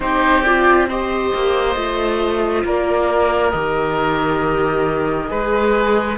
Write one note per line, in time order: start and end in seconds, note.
0.00 1.32 C4
0.00 0.44 D#4
0.00 0.88 G4
0.00 0.42 C5
0.42 0.88 F4
0.42 0.86 D5
0.88 1.75 G4
0.88 2.64 C5
0.88 2.65 D#5
1.34 1.75 A#3
1.75 2.64 A3
1.75 3.52 F4
2.64 3.52 A#3
2.64 5.30 A#4
2.64 3.50 D5
3.50 5.30 D#3
3.50 5.27 G4
3.50 6.15 D#5
5.27 6.18 G#3
5.27 6.15 G#4
5.27 6.18 B4